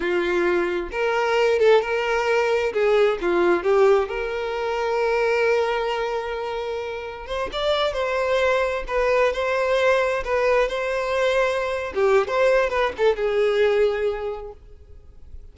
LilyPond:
\new Staff \with { instrumentName = "violin" } { \time 4/4 \tempo 4 = 132 f'2 ais'4. a'8 | ais'2 gis'4 f'4 | g'4 ais'2.~ | ais'1 |
c''8 d''4 c''2 b'8~ | b'8 c''2 b'4 c''8~ | c''2~ c''16 g'8. c''4 | b'8 a'8 gis'2. | }